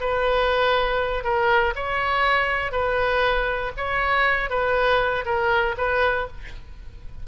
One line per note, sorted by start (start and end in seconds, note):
0.00 1.24 B4
1.24 1.74 A#4
1.75 2.72 C#5
2.72 3.72 B4
3.77 4.50 C#5
4.50 5.25 B4
5.25 5.75 A#4
5.77 6.27 B4